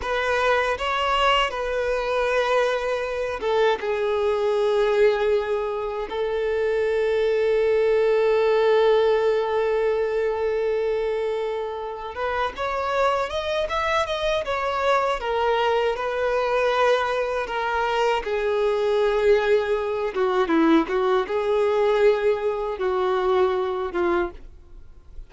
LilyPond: \new Staff \with { instrumentName = "violin" } { \time 4/4 \tempo 4 = 79 b'4 cis''4 b'2~ | b'8 a'8 gis'2. | a'1~ | a'1 |
b'8 cis''4 dis''8 e''8 dis''8 cis''4 | ais'4 b'2 ais'4 | gis'2~ gis'8 fis'8 e'8 fis'8 | gis'2 fis'4. f'8 | }